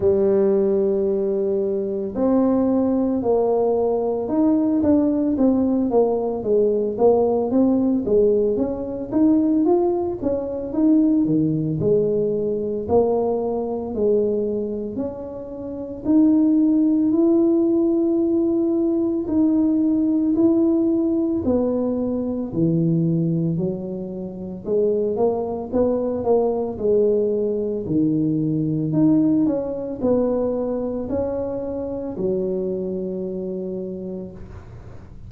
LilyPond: \new Staff \with { instrumentName = "tuba" } { \time 4/4 \tempo 4 = 56 g2 c'4 ais4 | dis'8 d'8 c'8 ais8 gis8 ais8 c'8 gis8 | cis'8 dis'8 f'8 cis'8 dis'8 dis8 gis4 | ais4 gis4 cis'4 dis'4 |
e'2 dis'4 e'4 | b4 e4 fis4 gis8 ais8 | b8 ais8 gis4 dis4 dis'8 cis'8 | b4 cis'4 fis2 | }